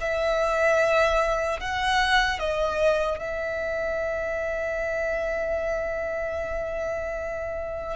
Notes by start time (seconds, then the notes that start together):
0.00 E5
1.60 F#5
2.39 D#5
3.19 E5